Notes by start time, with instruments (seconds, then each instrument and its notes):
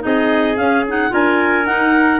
0.00 tuba C4, clarinet D#4 D#5, trumpet G#4
0.57 tuba C#4, clarinet C#4 F5
0.88 clarinet D#4 F#5
1.10 tuba D4, clarinet F4 G#5, trumpet A#4
1.67 tuba D#4, clarinet D#4 F#5